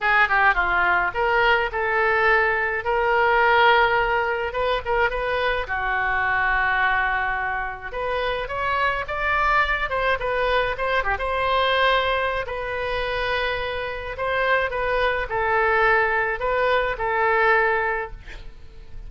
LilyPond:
\new Staff \with { instrumentName = "oboe" } { \time 4/4 \tempo 4 = 106 gis'8 g'8 f'4 ais'4 a'4~ | a'4 ais'2. | b'8 ais'8 b'4 fis'2~ | fis'2 b'4 cis''4 |
d''4. c''8 b'4 c''8 g'16 c''16~ | c''2 b'2~ | b'4 c''4 b'4 a'4~ | a'4 b'4 a'2 | }